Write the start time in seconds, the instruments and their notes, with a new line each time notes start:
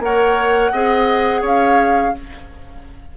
0.00 bassoon A#3, clarinet A#4, oboe C#5, flute F#5
0.72 bassoon C4, clarinet G#4, oboe D#5
1.42 bassoon C#4, oboe C#5, flute F5